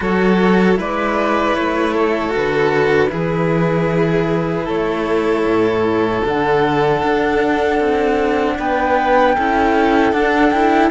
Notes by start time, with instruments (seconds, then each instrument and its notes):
0.00 cello F#3 F#4, violin A4, flute C#5
0.75 cello G#3 E4, violin B4, flute D5
1.55 cello A3, flute C#5
1.93 violin A4
2.29 cello F#4
2.35 cello D3, flute B4
3.09 cello E3 E4, violin G#4
4.65 cello A3, violin A4, flute C#5
5.44 cello A2
6.25 cello D3 D4, flute F#5
7.02 cello D4
7.80 cello C4
8.58 cello B3, violin B4, flute G5
9.35 cello C#4 E4, violin A4
10.12 cello D4, flute F#5
10.50 cello E4, flute G5